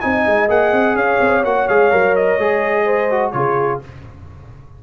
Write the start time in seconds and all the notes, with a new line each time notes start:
0.00 C4 D#4 D#5 G#5
0.26 G#3
0.48 A#3 G#4 F#5
0.72 C4
0.95 C#4 C#5 F5
1.20 C4
1.44 A#3 F#4 F#5
1.68 G#3 G#4 F5
1.91 F#3 A#4
2.15 D#5
2.38 G#3 G#4
2.84 C5
3.10 F#4
3.31 C#3 F4 G#4 C#5